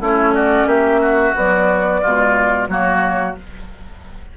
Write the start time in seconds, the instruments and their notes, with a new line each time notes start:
0.00 bassoon A3, clarinet C#4, oboe E4, flute C#5
0.34 oboe F#4, flute D5
0.66 bassoon A#3, oboe G4, flute E5
1.01 oboe F#4
1.35 clarinet F#3, bassoon B3, flute D5
2.01 bassoon B2, clarinet G#3, oboe F4
2.68 bassoon F#3, clarinet A#3, oboe F#4, flute C#5